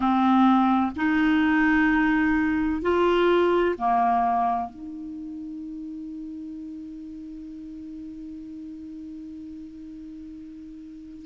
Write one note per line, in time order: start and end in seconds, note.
0.00 0.91 C4
0.96 2.81 D#4
2.81 3.75 F4
3.78 4.69 A#3
4.69 11.25 D#4